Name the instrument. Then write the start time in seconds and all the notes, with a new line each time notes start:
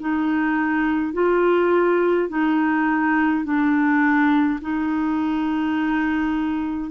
clarinet
0.00 D#4
1.13 F4
2.29 D#4
3.44 D4
4.61 D#4